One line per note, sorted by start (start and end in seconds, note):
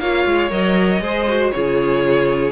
0.00 0.25 A#3
0.00 0.51 F4
0.00 1.03 C#5
0.00 0.51 F5
0.26 0.51 G#3
0.51 1.01 F#3
0.51 1.01 A#4
0.51 1.51 D#5
1.01 1.52 G#3
1.01 1.27 G#4
1.01 1.54 C5
1.28 1.54 F#4
1.51 2.52 C#3
1.51 2.52 F4
1.51 2.52 G#4
1.51 2.52 C#5